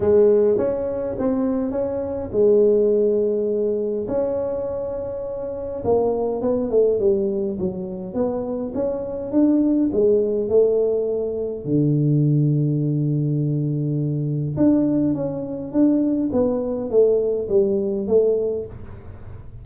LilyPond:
\new Staff \with { instrumentName = "tuba" } { \time 4/4 \tempo 4 = 103 gis4 cis'4 c'4 cis'4 | gis2. cis'4~ | cis'2 ais4 b8 a8 | g4 fis4 b4 cis'4 |
d'4 gis4 a2 | d1~ | d4 d'4 cis'4 d'4 | b4 a4 g4 a4 | }